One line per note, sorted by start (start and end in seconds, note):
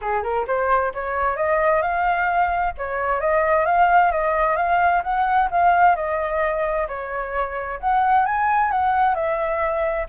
0.01 0.23 G#4
0.23 0.46 A#4
0.47 0.92 C5
0.93 1.36 C#5
1.36 1.82 D#5
1.82 2.73 F5
2.77 3.20 C#5
3.20 3.65 D#5
3.65 4.11 F5
4.11 4.56 D#5
4.56 5.02 F5
5.03 5.49 F#5
5.50 5.95 F5
5.95 6.87 D#5
6.88 7.79 C#5
7.80 8.25 F#5
8.25 8.71 G#5
8.71 9.14 F#5
9.14 10.06 E5